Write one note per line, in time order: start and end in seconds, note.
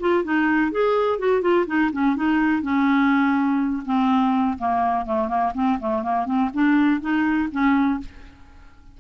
0.00 0.24 F4
0.24 0.72 D#4
0.72 1.19 G#4
1.19 1.41 F#4
1.41 1.66 F4
1.67 1.91 D#4
1.93 2.16 C#4
2.16 2.62 D#4
2.62 3.83 C#4
3.86 4.58 C4
4.59 5.06 A#3
5.06 5.28 A3
5.28 5.52 A#3
5.54 5.79 C4
5.80 6.03 A3
6.03 6.26 A#3
6.26 6.50 C4
6.54 7.01 D4
7.01 7.49 D#4
7.52 8.00 C#4